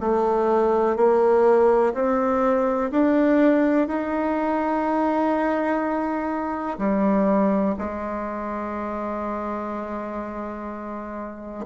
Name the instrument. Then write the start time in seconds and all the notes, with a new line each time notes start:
bassoon
0.00 A3
0.96 A#3
1.94 C4
2.91 D4
3.88 D#4
6.78 G3
7.79 G#3